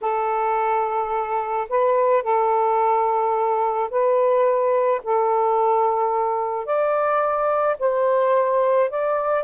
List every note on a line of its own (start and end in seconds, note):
0.01 1.67 A4
1.69 2.22 B4
2.22 3.89 A4
3.90 5.01 B4
5.03 6.65 A4
6.65 7.76 D5
7.79 8.90 C5
8.90 9.43 D5